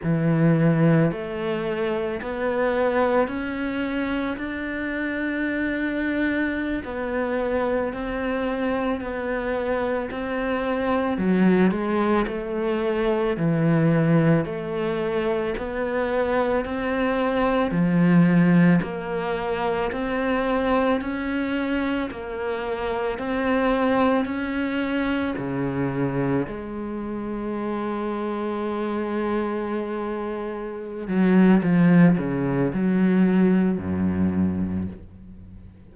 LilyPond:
\new Staff \with { instrumentName = "cello" } { \time 4/4 \tempo 4 = 55 e4 a4 b4 cis'4 | d'2~ d'16 b4 c'8.~ | c'16 b4 c'4 fis8 gis8 a8.~ | a16 e4 a4 b4 c'8.~ |
c'16 f4 ais4 c'4 cis'8.~ | cis'16 ais4 c'4 cis'4 cis8.~ | cis16 gis2.~ gis8.~ | gis8 fis8 f8 cis8 fis4 fis,4 | }